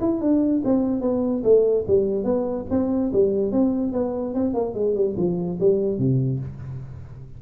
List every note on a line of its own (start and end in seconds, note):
0.00 0.21 E4
0.21 0.62 D4
0.64 1.01 C4
1.01 1.42 B3
1.44 1.85 A3
1.87 2.24 G3
2.24 2.65 B3
2.70 3.11 C4
3.12 3.51 G3
3.51 3.92 C4
3.92 4.34 B3
4.34 4.53 C4
4.53 4.74 A#3
4.74 4.95 G#3
4.95 5.16 G3
5.17 5.58 F3
5.59 5.98 G3
5.98 6.39 C3